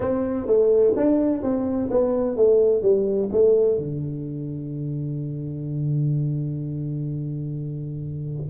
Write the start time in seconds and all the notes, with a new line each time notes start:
0.00 C4
0.47 A3
0.96 D4
1.42 C4
1.90 B3
2.36 A3
2.82 G3
3.32 A3
3.77 D3